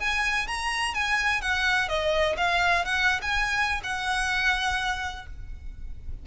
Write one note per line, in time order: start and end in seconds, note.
0.00 0.48 G#5
0.48 0.94 A#5
0.94 1.42 G#5
1.42 1.89 F#5
1.89 2.37 D#5
2.38 2.85 F5
2.85 3.21 F#5
3.22 3.82 G#5
3.84 5.27 F#5